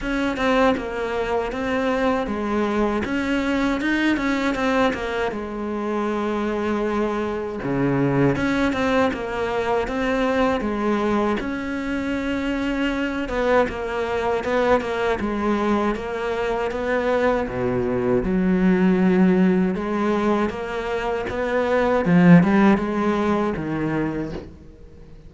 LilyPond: \new Staff \with { instrumentName = "cello" } { \time 4/4 \tempo 4 = 79 cis'8 c'8 ais4 c'4 gis4 | cis'4 dis'8 cis'8 c'8 ais8 gis4~ | gis2 cis4 cis'8 c'8 | ais4 c'4 gis4 cis'4~ |
cis'4. b8 ais4 b8 ais8 | gis4 ais4 b4 b,4 | fis2 gis4 ais4 | b4 f8 g8 gis4 dis4 | }